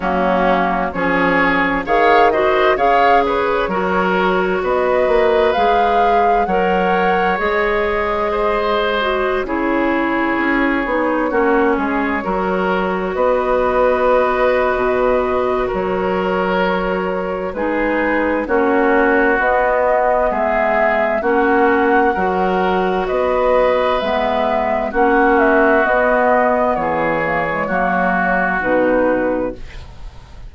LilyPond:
<<
  \new Staff \with { instrumentName = "flute" } { \time 4/4 \tempo 4 = 65 fis'4 cis''4 f''8 dis''8 f''8 cis''8~ | cis''4 dis''4 f''4 fis''4 | dis''2~ dis''16 cis''4.~ cis''16~ | cis''2~ cis''16 dis''4.~ dis''16~ |
dis''4 cis''2 b'4 | cis''4 dis''4 e''4 fis''4~ | fis''4 dis''4 e''4 fis''8 e''8 | dis''4 cis''2 b'4 | }
  \new Staff \with { instrumentName = "oboe" } { \time 4/4 cis'4 gis'4 cis''8 c''8 cis''8 b'8 | ais'4 b'2 cis''4~ | cis''4 c''4~ c''16 gis'4.~ gis'16~ | gis'16 fis'8 gis'8 ais'4 b'4.~ b'16~ |
b'4 ais'2 gis'4 | fis'2 gis'4 fis'4 | ais'4 b'2 fis'4~ | fis'4 gis'4 fis'2 | }
  \new Staff \with { instrumentName = "clarinet" } { \time 4/4 ais4 cis'4 gis'8 fis'8 gis'4 | fis'2 gis'4 ais'4 | gis'4.~ gis'16 fis'8 e'4. dis'16~ | dis'16 cis'4 fis'2~ fis'8.~ |
fis'2. dis'4 | cis'4 b2 cis'4 | fis'2 b4 cis'4 | b4. ais16 gis16 ais4 dis'4 | }
  \new Staff \with { instrumentName = "bassoon" } { \time 4/4 fis4 f4 dis4 cis4 | fis4 b8 ais8 gis4 fis4 | gis2~ gis16 cis4 cis'8 b16~ | b16 ais8 gis8 fis4 b4.~ b16 |
b,4 fis2 gis4 | ais4 b4 gis4 ais4 | fis4 b4 gis4 ais4 | b4 e4 fis4 b,4 | }
>>